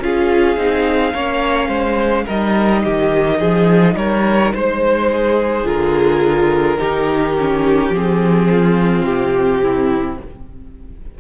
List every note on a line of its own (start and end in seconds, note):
0.00 0.57 C#4
0.00 0.57 F4
0.00 1.14 G#4
0.00 2.29 F5
0.57 1.13 C4
0.57 1.14 D#4
1.14 1.68 A#3
1.14 2.27 C#4
1.14 1.68 C#5
1.68 2.25 G#3
1.68 2.25 C5
2.25 2.85 G3
2.25 5.65 D#4
2.25 2.82 A#4
2.25 3.96 D#5
2.84 3.41 D#3
2.84 3.38 G4
3.38 3.96 F3
3.38 3.95 G#4
3.96 4.52 G3
3.96 4.54 A#4
3.96 4.53 C#5
4.54 5.64 G#3
4.54 5.67 C5
4.54 5.11 C5
5.11 6.79 G#4
5.64 6.77 D3
5.64 6.78 F4
5.64 7.93 A#4
6.78 7.90 D#3
6.78 7.34 D#4
6.78 8.48 G4
7.38 7.94 C#4
7.90 9.03 F3
7.90 10.20 C4
7.90 9.05 G#4
8.49 9.62 F4
9.04 10.17 C3
9.04 10.18 G4
9.62 10.18 E4